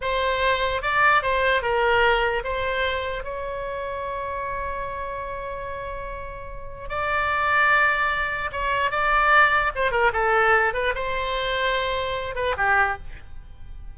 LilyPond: \new Staff \with { instrumentName = "oboe" } { \time 4/4 \tempo 4 = 148 c''2 d''4 c''4 | ais'2 c''2 | cis''1~ | cis''1~ |
cis''4 d''2.~ | d''4 cis''4 d''2 | c''8 ais'8 a'4. b'8 c''4~ | c''2~ c''8 b'8 g'4 | }